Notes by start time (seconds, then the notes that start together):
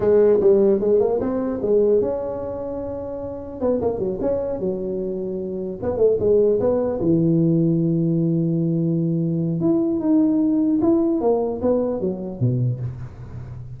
0.00 G#3
0.40 G3
0.80 G#3
0.99 A#3
1.20 C4
1.61 G#3
2.01 C#4
3.60 B3
3.81 A#3
3.98 F#3
4.21 C#4
4.59 F#3
5.82 B3
5.97 A3
6.19 G#3
6.59 B3
7.01 E3
9.60 E4
9.99 D#4
10.81 E4
11.21 A#3
11.61 B3
12.00 F#3
12.40 B2